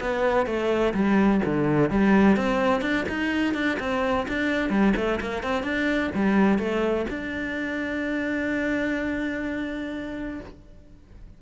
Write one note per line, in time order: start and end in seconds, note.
0.00 0.46 B3
0.46 0.93 A3
0.94 1.41 G3
1.45 1.90 D3
1.90 2.36 G3
2.36 2.81 C4
2.81 3.05 D4
3.08 3.54 D#4
3.54 3.78 D4
3.79 4.26 C4
4.28 4.69 D4
4.69 4.93 G3
4.96 5.19 A3
5.20 5.43 A#3
5.43 5.63 C4
5.63 6.10 D4
6.15 6.58 G3
6.58 7.06 A3
7.09 10.40 D4